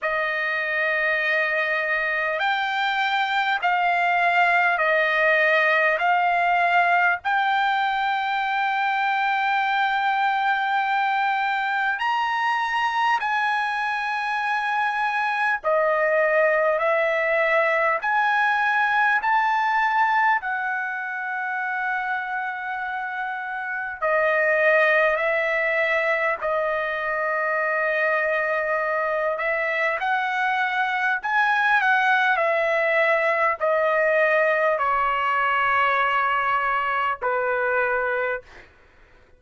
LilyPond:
\new Staff \with { instrumentName = "trumpet" } { \time 4/4 \tempo 4 = 50 dis''2 g''4 f''4 | dis''4 f''4 g''2~ | g''2 ais''4 gis''4~ | gis''4 dis''4 e''4 gis''4 |
a''4 fis''2. | dis''4 e''4 dis''2~ | dis''8 e''8 fis''4 gis''8 fis''8 e''4 | dis''4 cis''2 b'4 | }